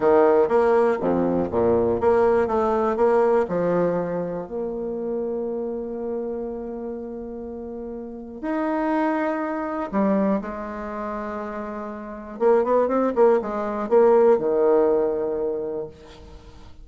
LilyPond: \new Staff \with { instrumentName = "bassoon" } { \time 4/4 \tempo 4 = 121 dis4 ais4 f,4 ais,4 | ais4 a4 ais4 f4~ | f4 ais2.~ | ais1~ |
ais4 dis'2. | g4 gis2.~ | gis4 ais8 b8 c'8 ais8 gis4 | ais4 dis2. | }